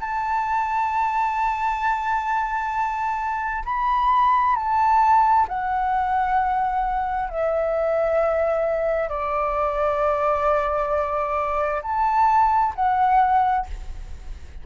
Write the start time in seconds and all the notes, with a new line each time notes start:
0.00 A5
3.65 B5
4.56 A5
5.48 F#5
7.29 E5
9.09 D5
11.82 A5
12.76 F#5